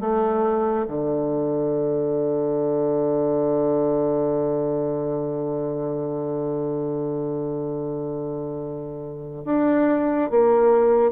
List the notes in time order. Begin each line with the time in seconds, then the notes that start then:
0.00 A3
0.87 D3
9.44 D4
10.30 A#3